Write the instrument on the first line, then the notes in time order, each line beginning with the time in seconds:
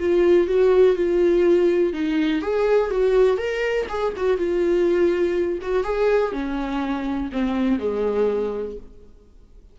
viola
0.00 F4
0.48 F#4
0.96 F4
1.93 D#4
2.42 G#4
2.91 F#4
3.38 A#4
3.89 G#4
4.17 F#4
4.38 F4
5.62 F#4
5.84 G#4
6.33 C#4
7.33 C4
7.79 G#3